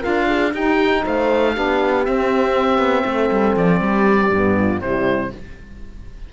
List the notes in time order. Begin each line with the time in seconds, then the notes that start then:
0.00 F4 A#4 F5
0.07 D4
0.28 G#4
0.53 D#4 G4 G5
1.05 A3 C5 F5
1.53 B3 D4 G4
2.05 C4 E5
2.78 B3
3.06 A3 A4
3.31 G3
3.57 F3 D5
3.81 G3 G4
4.31 G2 B3
4.60 F4
4.81 C3 G3 E4 C5